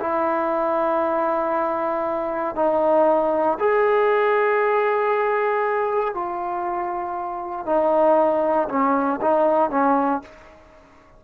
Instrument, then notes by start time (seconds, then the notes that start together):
trombone
0.00 E4
2.55 D#4
3.59 G#4
6.14 F4
7.65 D#4
8.69 C#4
9.21 D#4
9.70 C#4